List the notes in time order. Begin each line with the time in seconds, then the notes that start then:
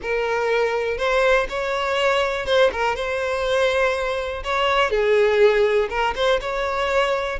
0.02 A#4
0.97 C5
1.49 C#5
2.46 C5
2.72 A#4
2.95 C5
4.43 C#5
4.90 G#4
5.89 A#4
6.15 C5
6.41 C#5